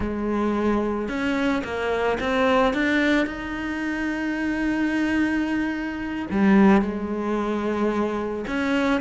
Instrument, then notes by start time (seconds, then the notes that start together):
cello
0.00 G#3
1.08 C#4
1.63 A#3
2.20 C4
2.73 D4
3.26 D#4
6.30 G3
6.81 G#3
8.47 C#4